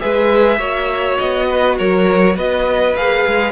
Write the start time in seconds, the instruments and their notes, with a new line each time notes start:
0.00 cello G#3, viola G#4, violin B4 E5
0.58 cello A#3, viola F#4, violin C#5
1.19 cello B3, violin D#5
1.48 violin B4
1.78 cello F#3, violin A#4 C#5
2.36 cello B3, violin B4 D#5
2.96 cello A#3, viola G#4, violin F5
3.27 cello G#3